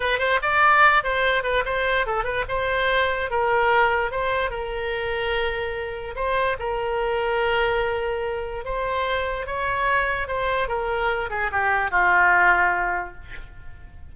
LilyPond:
\new Staff \with { instrumentName = "oboe" } { \time 4/4 \tempo 4 = 146 b'8 c''8 d''4. c''4 b'8 | c''4 a'8 b'8 c''2 | ais'2 c''4 ais'4~ | ais'2. c''4 |
ais'1~ | ais'4 c''2 cis''4~ | cis''4 c''4 ais'4. gis'8 | g'4 f'2. | }